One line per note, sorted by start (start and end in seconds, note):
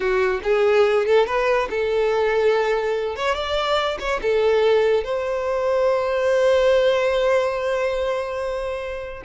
0.00 0.40 F#4
0.43 1.06 G#4
1.06 1.26 A4
1.26 1.68 B4
1.69 3.16 A4
3.16 3.35 C#5
3.35 3.97 D5
3.99 4.20 C#5
4.21 5.03 A4
5.03 9.23 C5